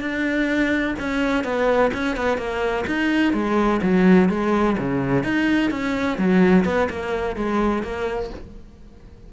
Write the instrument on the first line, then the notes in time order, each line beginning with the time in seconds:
cello
0.00 D4
0.99 C#4
1.44 B3
1.93 C#4
2.16 B3
2.38 A#3
2.86 D#4
3.33 G#3
3.82 F#3
4.29 G#3
4.78 C#3
5.23 D#4
5.71 C#4
6.18 F#3
6.65 B3
6.90 A#3
7.36 G#3
7.83 A#3